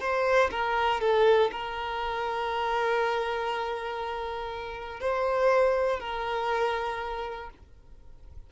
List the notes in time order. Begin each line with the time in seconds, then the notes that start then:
0.00 C5
0.51 A#4
1.00 A4
1.51 A#4
5.00 C5
5.99 A#4